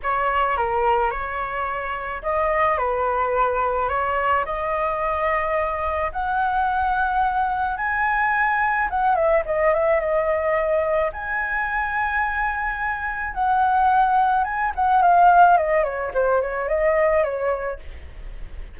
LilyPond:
\new Staff \with { instrumentName = "flute" } { \time 4/4 \tempo 4 = 108 cis''4 ais'4 cis''2 | dis''4 b'2 cis''4 | dis''2. fis''4~ | fis''2 gis''2 |
fis''8 e''8 dis''8 e''8 dis''2 | gis''1 | fis''2 gis''8 fis''8 f''4 | dis''8 cis''8 c''8 cis''8 dis''4 cis''4 | }